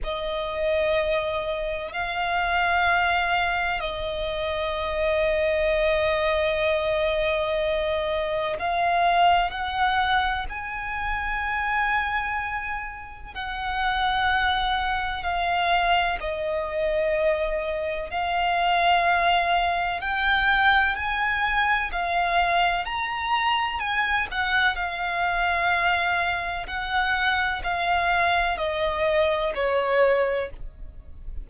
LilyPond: \new Staff \with { instrumentName = "violin" } { \time 4/4 \tempo 4 = 63 dis''2 f''2 | dis''1~ | dis''4 f''4 fis''4 gis''4~ | gis''2 fis''2 |
f''4 dis''2 f''4~ | f''4 g''4 gis''4 f''4 | ais''4 gis''8 fis''8 f''2 | fis''4 f''4 dis''4 cis''4 | }